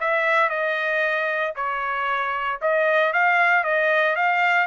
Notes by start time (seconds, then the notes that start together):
0.00 E5
0.49 D#5
1.56 C#5
2.61 D#5
3.13 F5
3.63 D#5
4.15 F5